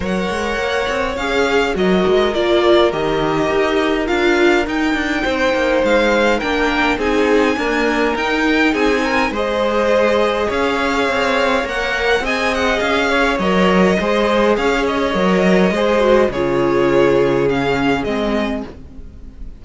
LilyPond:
<<
  \new Staff \with { instrumentName = "violin" } { \time 4/4 \tempo 4 = 103 fis''2 f''4 dis''4 | d''4 dis''2 f''4 | g''2 f''4 g''4 | gis''2 g''4 gis''4 |
dis''2 f''2 | fis''4 gis''8 fis''8 f''4 dis''4~ | dis''4 f''8 dis''2~ dis''8 | cis''2 f''4 dis''4 | }
  \new Staff \with { instrumentName = "violin" } { \time 4/4 cis''2. ais'4~ | ais'1~ | ais'4 c''2 ais'4 | gis'4 ais'2 gis'8 ais'8 |
c''2 cis''2~ | cis''4 dis''4. cis''4. | c''4 cis''2 c''4 | gis'1 | }
  \new Staff \with { instrumentName = "viola" } { \time 4/4 ais'2 gis'4 fis'4 | f'4 g'2 f'4 | dis'2. d'4 | dis'4 ais4 dis'2 |
gis'1 | ais'4 gis'2 ais'4 | gis'2 ais'4 gis'8 fis'8 | f'2 cis'4 c'4 | }
  \new Staff \with { instrumentName = "cello" } { \time 4/4 fis8 gis8 ais8 c'8 cis'4 fis8 gis8 | ais4 dis4 dis'4 d'4 | dis'8 d'8 c'8 ais8 gis4 ais4 | c'4 d'4 dis'4 c'4 |
gis2 cis'4 c'4 | ais4 c'4 cis'4 fis4 | gis4 cis'4 fis4 gis4 | cis2. gis4 | }
>>